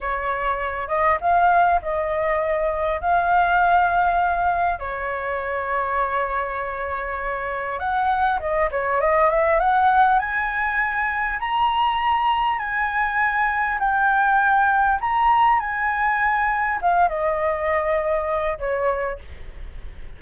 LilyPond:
\new Staff \with { instrumentName = "flute" } { \time 4/4 \tempo 4 = 100 cis''4. dis''8 f''4 dis''4~ | dis''4 f''2. | cis''1~ | cis''4 fis''4 dis''8 cis''8 dis''8 e''8 |
fis''4 gis''2 ais''4~ | ais''4 gis''2 g''4~ | g''4 ais''4 gis''2 | f''8 dis''2~ dis''8 cis''4 | }